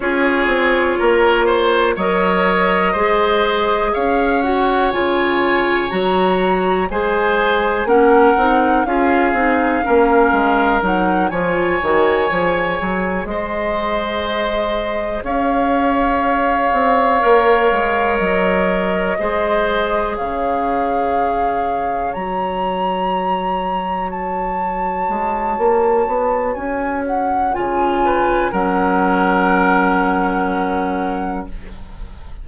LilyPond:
<<
  \new Staff \with { instrumentName = "flute" } { \time 4/4 \tempo 4 = 61 cis''2 dis''2 | f''8 fis''8 gis''4 ais''4 gis''4 | fis''4 f''2 fis''8 gis''8~ | gis''4. dis''2 f''8~ |
f''2~ f''8 dis''4.~ | dis''8 f''2 ais''4.~ | ais''8 a''2~ a''8 gis''8 fis''8 | gis''4 fis''2. | }
  \new Staff \with { instrumentName = "oboe" } { \time 4/4 gis'4 ais'8 c''8 cis''4 c''4 | cis''2. c''4 | ais'4 gis'4 ais'4. cis''8~ | cis''4. c''2 cis''8~ |
cis''2.~ cis''8 c''8~ | c''8 cis''2.~ cis''8~ | cis''1~ | cis''8 b'8 ais'2. | }
  \new Staff \with { instrumentName = "clarinet" } { \time 4/4 f'2 ais'4 gis'4~ | gis'8 fis'8 f'4 fis'4 gis'4 | cis'8 dis'8 f'8 dis'8 cis'4 dis'8 f'8 | fis'8 gis'2.~ gis'8~ |
gis'4. ais'2 gis'8~ | gis'2~ gis'8 fis'4.~ | fis'1 | f'4 cis'2. | }
  \new Staff \with { instrumentName = "bassoon" } { \time 4/4 cis'8 c'8 ais4 fis4 gis4 | cis'4 cis4 fis4 gis4 | ais8 c'8 cis'8 c'8 ais8 gis8 fis8 f8 | dis8 f8 fis8 gis2 cis'8~ |
cis'4 c'8 ais8 gis8 fis4 gis8~ | gis8 cis2 fis4.~ | fis4. gis8 ais8 b8 cis'4 | cis4 fis2. | }
>>